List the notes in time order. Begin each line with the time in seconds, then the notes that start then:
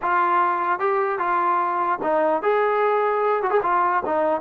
0.01 F4
0.79 G4
1.18 F4
2.02 D#4
2.42 G#4
3.42 F#4
3.50 G#4
3.62 F4
4.05 D#4